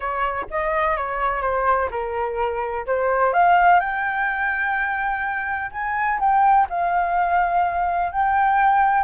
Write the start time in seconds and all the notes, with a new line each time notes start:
0.00 C#5
0.50 D#5
0.96 C#5
1.41 C5
1.90 A#4
2.86 C5
3.33 F5
3.80 G5
5.71 G#5
6.19 G5
6.69 F5
8.12 G5